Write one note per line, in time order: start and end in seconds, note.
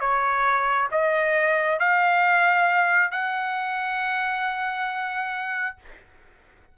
0.00 0.88 C#5
0.91 1.79 D#5
1.79 3.11 F5
3.11 5.76 F#5